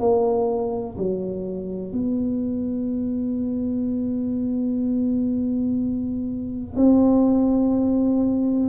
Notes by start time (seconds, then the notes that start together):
0.00 A#3
0.98 F#3
1.93 B3
6.77 C4